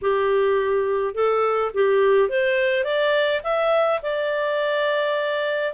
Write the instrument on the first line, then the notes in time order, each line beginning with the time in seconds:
clarinet
0.01 G4
1.14 A4
1.74 G4
2.29 C5
2.84 D5
3.43 E5
4.02 D5